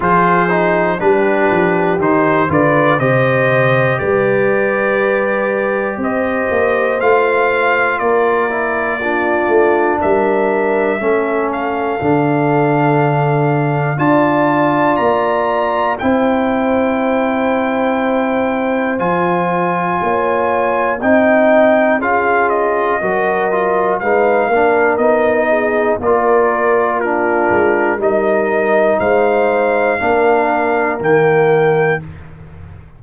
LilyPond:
<<
  \new Staff \with { instrumentName = "trumpet" } { \time 4/4 \tempo 4 = 60 c''4 b'4 c''8 d''8 dis''4 | d''2 dis''4 f''4 | d''2 e''4. f''8~ | f''2 a''4 ais''4 |
g''2. gis''4~ | gis''4 g''4 f''8 dis''4. | f''4 dis''4 d''4 ais'4 | dis''4 f''2 g''4 | }
  \new Staff \with { instrumentName = "horn" } { \time 4/4 gis'4 g'4. b'8 c''4 | b'2 c''2 | ais'4 f'4 ais'4 a'4~ | a'2 d''2 |
c''1 | cis''4 dis''4 gis'4 ais'4 | b'8 ais'4 gis'8 ais'4 f'4 | ais'4 c''4 ais'2 | }
  \new Staff \with { instrumentName = "trombone" } { \time 4/4 f'8 dis'8 d'4 dis'8 f'8 g'4~ | g'2. f'4~ | f'8 e'8 d'2 cis'4 | d'2 f'2 |
e'2. f'4~ | f'4 dis'4 f'4 fis'8 f'8 | dis'8 d'8 dis'4 f'4 d'4 | dis'2 d'4 ais4 | }
  \new Staff \with { instrumentName = "tuba" } { \time 4/4 f4 g8 f8 dis8 d8 c4 | g2 c'8 ais8 a4 | ais4. a8 g4 a4 | d2 d'4 ais4 |
c'2. f4 | ais4 c'4 cis'4 fis4 | gis8 ais8 b4 ais4. gis8 | g4 gis4 ais4 dis4 | }
>>